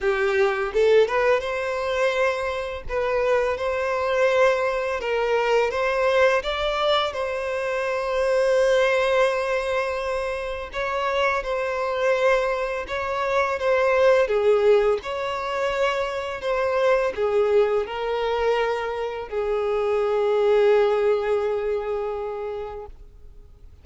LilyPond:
\new Staff \with { instrumentName = "violin" } { \time 4/4 \tempo 4 = 84 g'4 a'8 b'8 c''2 | b'4 c''2 ais'4 | c''4 d''4 c''2~ | c''2. cis''4 |
c''2 cis''4 c''4 | gis'4 cis''2 c''4 | gis'4 ais'2 gis'4~ | gis'1 | }